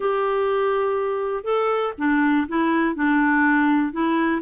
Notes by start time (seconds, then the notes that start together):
0.00 G4
1.44 A4
1.98 D4
2.48 E4
2.95 D4
3.92 E4